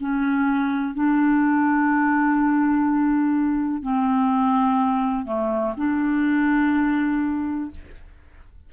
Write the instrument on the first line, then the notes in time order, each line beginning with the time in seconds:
clarinet
0.00 C#4
0.95 D4
3.82 C4
5.26 A3
5.77 D4